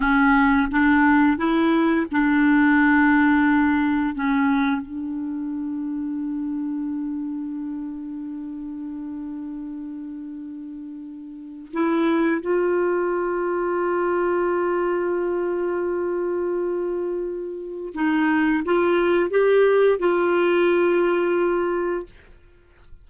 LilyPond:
\new Staff \with { instrumentName = "clarinet" } { \time 4/4 \tempo 4 = 87 cis'4 d'4 e'4 d'4~ | d'2 cis'4 d'4~ | d'1~ | d'1~ |
d'4 e'4 f'2~ | f'1~ | f'2 dis'4 f'4 | g'4 f'2. | }